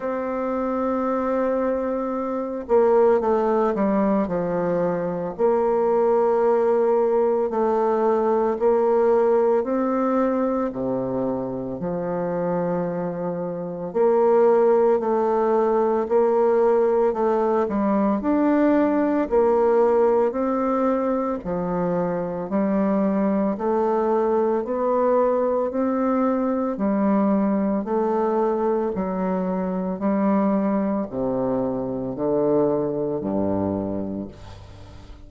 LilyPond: \new Staff \with { instrumentName = "bassoon" } { \time 4/4 \tempo 4 = 56 c'2~ c'8 ais8 a8 g8 | f4 ais2 a4 | ais4 c'4 c4 f4~ | f4 ais4 a4 ais4 |
a8 g8 d'4 ais4 c'4 | f4 g4 a4 b4 | c'4 g4 a4 fis4 | g4 c4 d4 g,4 | }